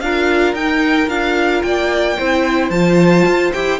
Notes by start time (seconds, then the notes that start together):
0.00 D4 F4 A#4 F5
0.53 D#4 G5
1.08 D4 F4 F5
1.62 A#3 D5 G5
2.17 C4 E4 C5
2.70 F3 F4 A5
3.25 F4
3.53 E4 G4 G5